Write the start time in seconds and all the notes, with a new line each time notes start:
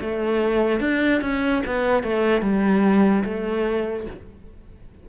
0.00 A3
0.80 D4
1.21 C#4
1.66 B3
2.03 A3
2.41 G3
3.24 A3